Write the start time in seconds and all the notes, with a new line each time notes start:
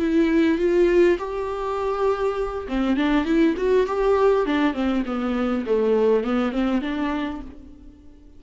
0.00 E4
0.59 F4
1.19 G4
2.69 C4
2.97 D4
3.25 E4
3.58 F#4
3.87 G4
4.46 D4
4.74 C4
5.06 B3
5.67 A3
6.24 B3
6.53 C4
6.82 D4